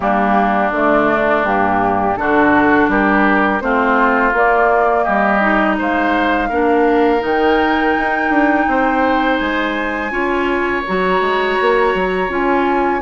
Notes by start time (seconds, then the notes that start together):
0.00 G3 A#3 D4 G4
0.71 D3 A3 D5
1.42 G2 A#3 G4
2.16 D3 D4 F#4 A4
2.88 G3 G4 A#4
3.60 A3 C4 F4 C5
4.32 A#3 D5
5.03 G3 G4 D#5
5.40 D#4
5.78 G#3 C5 F5
6.48 A#3 D4 A#4
7.19 D#3 D#4 G5
7.97 D#4
8.30 D4
8.67 C4 C5
9.37 G#3 G#5
10.11 C#4 F4 C#5
10.86 F#3 F#4 A#5
11.20 G#3
11.61 A#3
11.94 F#3
12.28 C#4 F4 G#5